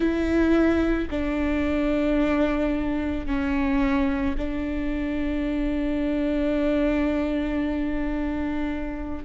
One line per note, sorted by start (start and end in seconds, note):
0.00 1.08 E4
1.10 3.26 D4
3.26 4.35 C#4
4.37 9.24 D4